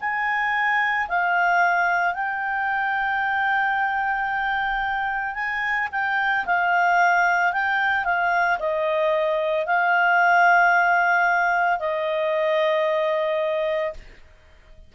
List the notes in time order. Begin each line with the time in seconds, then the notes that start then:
0.00 G#5
1.08 F5
2.14 G5
5.34 G#5
5.92 G5
6.46 F5
7.52 G5
8.05 F5
8.59 D#5
9.66 F5
11.79 D#5